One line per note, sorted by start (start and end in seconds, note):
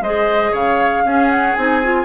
0.00 0.51 G#3
0.00 1.06 G#4
0.00 0.51 C5
0.00 0.54 D#5
0.51 1.04 C#3
0.51 1.03 C#5
0.51 1.29 F5
1.04 1.55 C#4
1.04 1.57 C#4
1.04 2.04 G#4
1.29 1.54 F#5
1.55 2.04 C4
1.55 1.83 D#4
1.55 2.04 G#5
1.83 2.04 F4